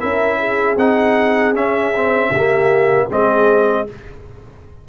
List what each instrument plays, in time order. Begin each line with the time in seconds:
0.00 tuba C#4, trombone E4, horn A#4, trumpet E5
0.39 horn G#4
0.76 tuba C4, trombone D#4, trumpet F#5
1.53 tuba C#4, trombone C#4, trumpet E5
1.96 trombone C4
2.31 tuba C#3, trombone A#3, horn G4
3.07 tuba G#3, trombone C4, horn G#4, trumpet D#5